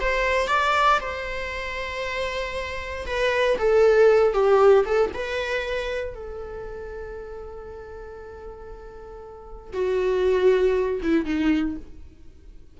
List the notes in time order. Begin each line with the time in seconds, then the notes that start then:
0.00 C5
0.48 D5
1.01 C5
3.06 B4
3.58 A4
4.33 G4
4.85 A4
5.14 B4
6.14 A4
9.73 F#4
11.03 E4
11.25 D#4